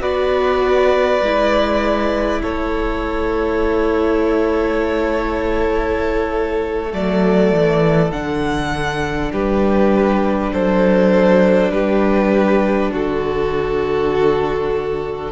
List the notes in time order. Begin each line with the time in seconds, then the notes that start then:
0.00 B3 F#4 B4 D5
1.21 G#3 E4
2.42 A3 A4 C#5
6.90 F#3 A3 D5
7.52 E3
8.10 D3 D4 F#5
9.31 G3 G4 B4
10.52 F#3 A4 C5
11.71 G3 G4 B4
12.92 D3 F#4 A4